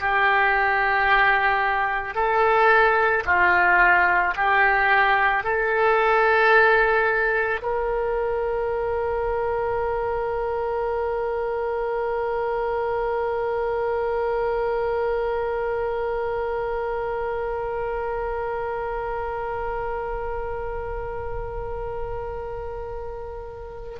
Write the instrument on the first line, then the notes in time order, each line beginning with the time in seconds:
oboe
0.00 G4
2.14 A4
3.25 F4
4.36 G4
5.43 A4
7.62 A#4